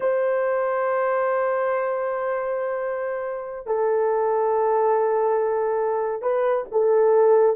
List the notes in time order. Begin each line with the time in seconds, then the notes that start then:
0.00 C5
3.66 A4
6.22 B4
6.71 A4